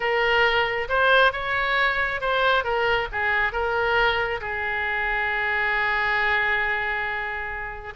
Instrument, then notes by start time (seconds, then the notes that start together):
oboe
0.00 A#4
0.88 C5
1.32 C#5
2.21 C5
2.64 A#4
3.12 G#4
3.52 A#4
4.40 G#4